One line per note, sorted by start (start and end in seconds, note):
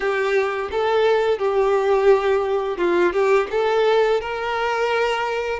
0.00 0.69 G4
0.71 1.38 A4
1.38 2.77 G4
2.77 3.12 F4
3.12 3.47 G4
3.51 4.21 A4
4.21 5.59 A#4